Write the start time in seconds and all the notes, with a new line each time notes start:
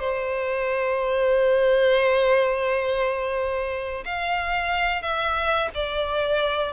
0.00 C5
4.05 F5
5.02 E5
5.75 D5